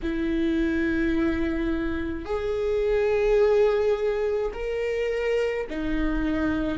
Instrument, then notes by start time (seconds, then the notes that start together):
viola
0.02 E4
2.25 G#4
4.53 A#4
5.69 D#4